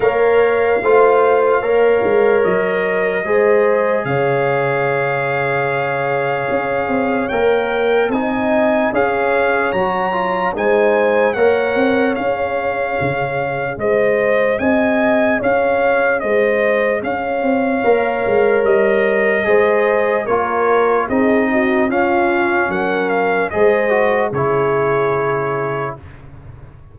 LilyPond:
<<
  \new Staff \with { instrumentName = "trumpet" } { \time 4/4 \tempo 4 = 74 f''2. dis''4~ | dis''4 f''2.~ | f''4 g''4 gis''4 f''4 | ais''4 gis''4 fis''4 f''4~ |
f''4 dis''4 gis''4 f''4 | dis''4 f''2 dis''4~ | dis''4 cis''4 dis''4 f''4 | fis''8 f''8 dis''4 cis''2 | }
  \new Staff \with { instrumentName = "horn" } { \time 4/4 cis''4 c''4 cis''2 | c''4 cis''2.~ | cis''2 dis''4 cis''4~ | cis''4 c''4 cis''2~ |
cis''4 c''4 dis''4 cis''4 | c''4 cis''2. | c''4 ais'4 gis'8 fis'8 f'4 | ais'4 c''4 gis'2 | }
  \new Staff \with { instrumentName = "trombone" } { \time 4/4 ais'4 f'4 ais'2 | gis'1~ | gis'4 ais'4 dis'4 gis'4 | fis'8 f'8 dis'4 ais'4 gis'4~ |
gis'1~ | gis'2 ais'2 | gis'4 f'4 dis'4 cis'4~ | cis'4 gis'8 fis'8 e'2 | }
  \new Staff \with { instrumentName = "tuba" } { \time 4/4 ais4 a4 ais8 gis8 fis4 | gis4 cis2. | cis'8 c'8 ais4 c'4 cis'4 | fis4 gis4 ais8 c'8 cis'4 |
cis4 gis4 c'4 cis'4 | gis4 cis'8 c'8 ais8 gis8 g4 | gis4 ais4 c'4 cis'4 | fis4 gis4 cis2 | }
>>